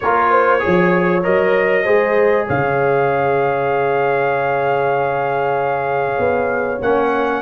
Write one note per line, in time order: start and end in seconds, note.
0.00 0.63 A#3
0.00 0.59 F4
0.00 0.30 A#4
0.00 1.23 C#5
0.30 0.61 C5
0.59 1.21 G#4
0.59 1.83 C#5
0.66 1.26 F3
1.23 1.86 F#3
1.23 1.85 A#4
1.23 2.47 D#5
1.83 2.48 G#3
1.83 6.79 G#4
1.83 2.45 C5
2.45 6.18 C#3
2.45 7.40 C#5
2.45 6.81 F5
6.18 6.80 B3
6.81 7.41 A#3
6.81 7.41 C#4
6.81 7.41 F#5